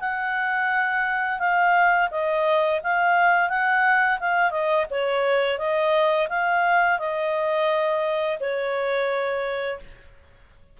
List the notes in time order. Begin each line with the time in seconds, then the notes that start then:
0.00 F#5
1.39 F5
2.11 D#5
2.83 F5
3.49 F#5
4.20 F5
4.51 D#5
4.91 C#5
5.58 D#5
6.29 F5
6.99 D#5
8.40 C#5